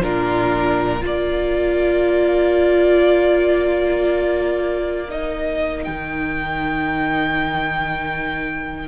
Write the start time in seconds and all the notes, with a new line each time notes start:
0.00 A#2 D4 F4 A#4
1.00 A#3 F4 A#4
1.06 D5
5.08 D#4 D#5
5.84 D#3 G5